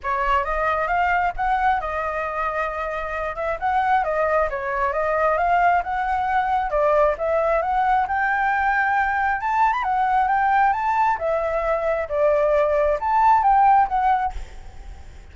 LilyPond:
\new Staff \with { instrumentName = "flute" } { \time 4/4 \tempo 4 = 134 cis''4 dis''4 f''4 fis''4 | dis''2.~ dis''8 e''8 | fis''4 dis''4 cis''4 dis''4 | f''4 fis''2 d''4 |
e''4 fis''4 g''2~ | g''4 a''8. b''16 fis''4 g''4 | a''4 e''2 d''4~ | d''4 a''4 g''4 fis''4 | }